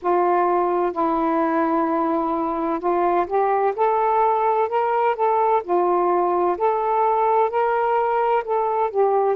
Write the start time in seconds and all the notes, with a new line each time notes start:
0.02 F4
0.92 E4
2.79 F4
3.26 G4
3.75 A4
4.69 A#4
5.15 A4
5.63 F4
6.57 A4
7.50 A#4
8.44 A4
8.90 G4